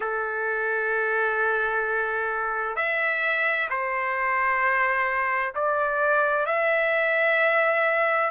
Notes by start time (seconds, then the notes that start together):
0.00 A4
2.76 E5
3.69 C5
5.54 D5
6.46 E5